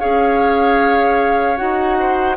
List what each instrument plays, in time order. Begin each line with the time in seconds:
0.00 bassoon C#4, clarinet G#4, oboe C#5, flute F5
1.57 bassoon D#4, clarinet F#4, flute F#5
1.99 oboe C5